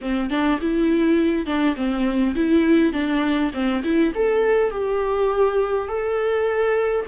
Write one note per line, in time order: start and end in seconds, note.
0.01 0.29 C4
0.29 0.59 D4
0.61 1.45 E4
1.45 1.75 D4
1.75 2.34 C4
2.35 2.93 E4
2.93 3.51 D4
3.53 3.83 C4
3.83 4.13 E4
4.14 4.71 A4
4.71 5.88 G4
5.88 7.06 A4